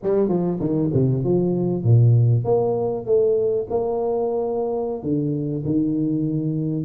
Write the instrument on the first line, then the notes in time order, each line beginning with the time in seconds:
tuba
0.02 G3
0.28 F3
0.60 D#3
0.93 C3
1.24 F3
1.83 A#2
2.44 A#3
3.05 A3
3.70 A#3
5.03 D3
5.65 D#3